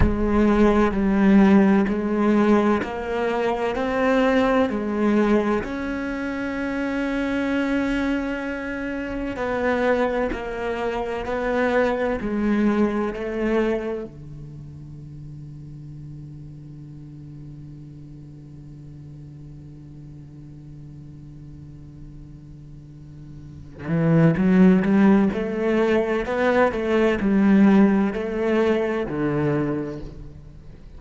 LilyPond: \new Staff \with { instrumentName = "cello" } { \time 4/4 \tempo 4 = 64 gis4 g4 gis4 ais4 | c'4 gis4 cis'2~ | cis'2 b4 ais4 | b4 gis4 a4 d4~ |
d1~ | d1~ | d4. e8 fis8 g8 a4 | b8 a8 g4 a4 d4 | }